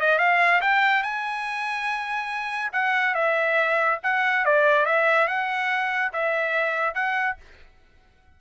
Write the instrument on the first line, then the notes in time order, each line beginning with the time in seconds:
trumpet
0.00 D#5
0.18 F5
0.61 G5
1.02 G#5
2.72 F#5
3.14 E5
4.03 F#5
4.45 D5
4.85 E5
5.27 F#5
6.12 E5
6.94 F#5